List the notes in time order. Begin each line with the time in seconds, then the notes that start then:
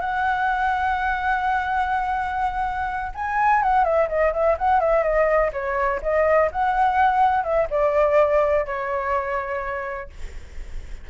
0.00 F#5
3.14 G#5
3.63 F#5
3.84 E5
4.08 D#5
4.33 E5
4.58 F#5
4.80 E5
5.03 D#5
5.53 C#5
6.02 D#5
6.52 F#5
7.44 E5
7.70 D5
8.66 C#5